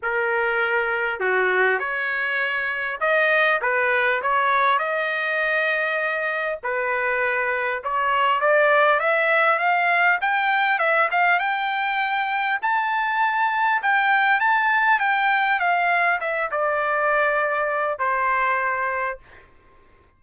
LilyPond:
\new Staff \with { instrumentName = "trumpet" } { \time 4/4 \tempo 4 = 100 ais'2 fis'4 cis''4~ | cis''4 dis''4 b'4 cis''4 | dis''2. b'4~ | b'4 cis''4 d''4 e''4 |
f''4 g''4 e''8 f''8 g''4~ | g''4 a''2 g''4 | a''4 g''4 f''4 e''8 d''8~ | d''2 c''2 | }